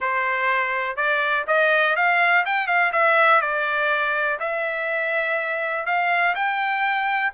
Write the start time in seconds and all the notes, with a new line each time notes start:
0.00 C5
0.96 D5
1.47 D#5
1.96 F5
2.45 G5
2.67 F5
2.92 E5
3.41 D5
4.39 E5
5.86 F5
6.35 G5